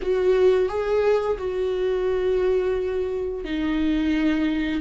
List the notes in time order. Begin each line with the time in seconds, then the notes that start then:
0.01 F#4
0.68 G#4
1.38 F#4
3.44 D#4